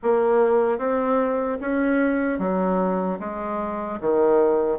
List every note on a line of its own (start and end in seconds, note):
0.03 0.78 A#3
0.78 1.58 C4
1.60 2.39 C#4
2.39 3.19 F#3
3.19 3.99 G#3
4.00 4.78 D#3